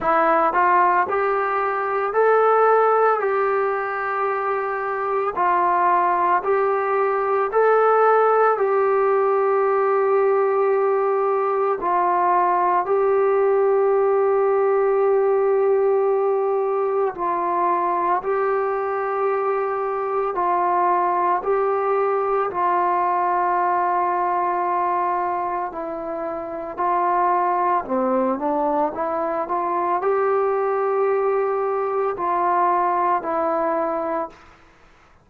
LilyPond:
\new Staff \with { instrumentName = "trombone" } { \time 4/4 \tempo 4 = 56 e'8 f'8 g'4 a'4 g'4~ | g'4 f'4 g'4 a'4 | g'2. f'4 | g'1 |
f'4 g'2 f'4 | g'4 f'2. | e'4 f'4 c'8 d'8 e'8 f'8 | g'2 f'4 e'4 | }